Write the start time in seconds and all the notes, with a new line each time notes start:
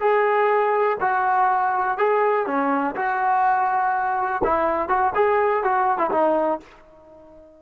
0.00 G#4
1.00 F#4
1.98 G#4
2.47 C#4
2.96 F#4
4.44 E4
4.89 F#4
5.15 G#4
5.64 F#4
5.98 E4
6.11 D#4